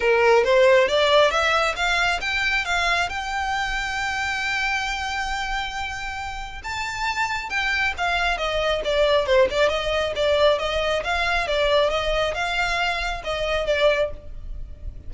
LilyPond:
\new Staff \with { instrumentName = "violin" } { \time 4/4 \tempo 4 = 136 ais'4 c''4 d''4 e''4 | f''4 g''4 f''4 g''4~ | g''1~ | g''2. a''4~ |
a''4 g''4 f''4 dis''4 | d''4 c''8 d''8 dis''4 d''4 | dis''4 f''4 d''4 dis''4 | f''2 dis''4 d''4 | }